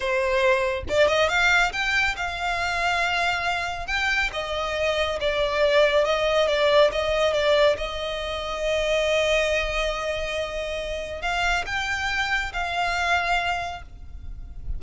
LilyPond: \new Staff \with { instrumentName = "violin" } { \time 4/4 \tempo 4 = 139 c''2 d''8 dis''8 f''4 | g''4 f''2.~ | f''4 g''4 dis''2 | d''2 dis''4 d''4 |
dis''4 d''4 dis''2~ | dis''1~ | dis''2 f''4 g''4~ | g''4 f''2. | }